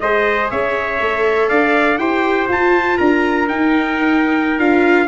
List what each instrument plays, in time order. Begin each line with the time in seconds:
0.00 tuba G#3, viola G#4, trumpet C5 D#5
0.50 tuba C#4, trumpet C#5 E5
1.01 tuba A3, viola A4
1.49 tuba D4, trumpet D5 F5
1.98 tuba E4, viola G4, trumpet C5 G5
2.48 tuba F4, viola F4, trumpet A5
2.97 tuba D4, trumpet A#4 A#5
3.48 viola D#4, tuba D#4, trumpet G5
4.58 tuba D4, viola F4, trumpet F5